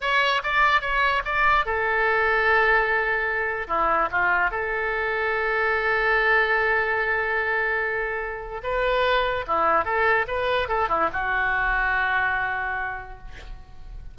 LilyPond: \new Staff \with { instrumentName = "oboe" } { \time 4/4 \tempo 4 = 146 cis''4 d''4 cis''4 d''4 | a'1~ | a'4 e'4 f'4 a'4~ | a'1~ |
a'1~ | a'4 b'2 e'4 | a'4 b'4 a'8 e'8 fis'4~ | fis'1 | }